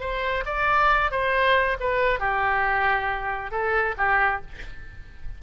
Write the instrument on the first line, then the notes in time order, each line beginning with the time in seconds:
oboe
0.00 C5
0.46 D5
1.11 C5
1.80 B4
2.20 G4
3.51 A4
3.97 G4